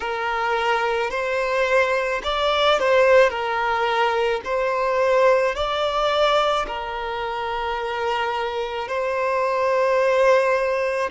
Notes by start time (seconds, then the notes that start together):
0.00 A#4
1.10 C5
2.23 D5
2.79 C5
3.29 A#4
4.44 C5
5.55 D5
6.67 A#4
8.87 C5